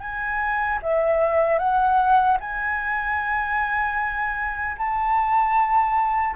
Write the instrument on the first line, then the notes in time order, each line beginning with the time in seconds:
flute
0.00 G#5
0.82 E5
1.58 F#5
2.40 G#5
4.78 A5